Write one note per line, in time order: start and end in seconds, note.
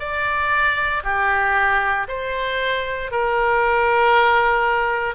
0.00 1.03 D5
1.04 2.08 G4
2.08 3.11 C5
3.11 5.15 A#4